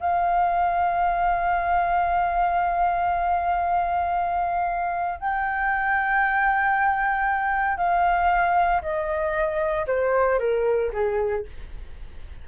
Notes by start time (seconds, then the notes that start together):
0.00 F5
5.19 G5
7.77 F5
8.82 D#5
9.87 C5
10.39 A#4
10.93 G#4